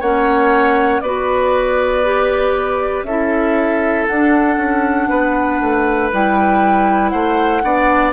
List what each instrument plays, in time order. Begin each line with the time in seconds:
0.00 bassoon A#3, clarinet C#4, oboe C#5, flute F#5
1.00 bassoon B3, clarinet F#4, oboe B4, flute D5
2.04 clarinet G4
3.03 bassoon C#4, clarinet E4, oboe A4, flute E5
4.07 bassoon D4, clarinet D4, flute F#5
4.57 bassoon C#4
5.09 bassoon B3, oboe B4
5.60 bassoon A3
6.12 bassoon G3, clarinet E4, flute G5
7.09 bassoon A3, oboe C5, flute F#5
7.62 bassoon B3, clarinet D4, oboe D5